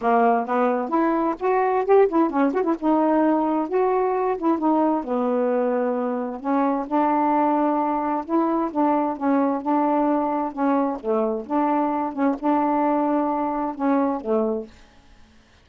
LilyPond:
\new Staff \with { instrumentName = "saxophone" } { \time 4/4 \tempo 4 = 131 ais4 b4 e'4 fis'4 | g'8 e'8 cis'8 fis'16 e'16 dis'2 | fis'4. e'8 dis'4 b4~ | b2 cis'4 d'4~ |
d'2 e'4 d'4 | cis'4 d'2 cis'4 | a4 d'4. cis'8 d'4~ | d'2 cis'4 a4 | }